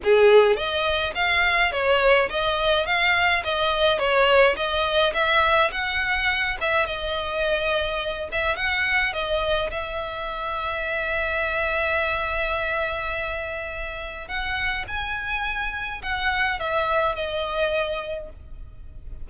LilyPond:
\new Staff \with { instrumentName = "violin" } { \time 4/4 \tempo 4 = 105 gis'4 dis''4 f''4 cis''4 | dis''4 f''4 dis''4 cis''4 | dis''4 e''4 fis''4. e''8 | dis''2~ dis''8 e''8 fis''4 |
dis''4 e''2.~ | e''1~ | e''4 fis''4 gis''2 | fis''4 e''4 dis''2 | }